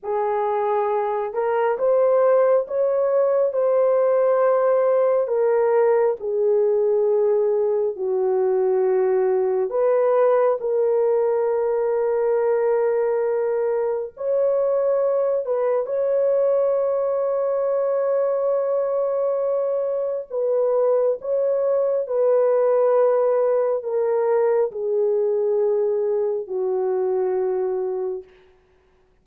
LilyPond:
\new Staff \with { instrumentName = "horn" } { \time 4/4 \tempo 4 = 68 gis'4. ais'8 c''4 cis''4 | c''2 ais'4 gis'4~ | gis'4 fis'2 b'4 | ais'1 |
cis''4. b'8 cis''2~ | cis''2. b'4 | cis''4 b'2 ais'4 | gis'2 fis'2 | }